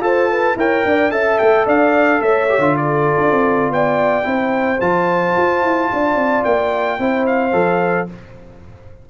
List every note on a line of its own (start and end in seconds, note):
0.00 0.55 F4
0.00 0.55 A4
0.00 0.30 C5
0.00 0.58 A5
0.30 0.58 B4
0.56 0.83 E4
0.56 1.11 A#4
0.56 0.86 C#5
0.56 1.11 G5
0.85 1.11 D4
0.85 1.13 D5
1.11 1.39 C#4
1.11 2.47 A4
1.11 1.66 E5
1.11 1.38 A5
1.39 1.66 A3
1.39 1.66 G5
1.66 2.21 D4
1.66 2.21 D5
1.66 2.22 F5
2.21 2.58 A3
2.21 2.76 C#5
2.21 2.76 E5
2.49 2.60 G4
2.58 3.13 D3
2.58 4.23 F4
2.77 3.73 A4
2.77 3.72 D5
3.18 3.30 D4
3.30 3.70 C4
3.70 4.25 B3
3.70 4.27 D5
3.70 4.81 G5
4.23 4.80 C4
4.23 4.78 E4
4.23 5.90 C5
4.81 5.35 F3
4.81 6.99 F4
4.81 6.44 A5
5.37 5.62 F4
5.62 5.90 E4
5.93 6.15 D4
5.93 7.01 D5
6.15 6.42 C4
6.44 6.99 A#3
6.44 7.26 G5
6.99 7.53 C4
6.99 7.52 E4
6.99 8.10 C5
7.26 8.08 F5
7.52 8.08 F3
7.52 8.07 A4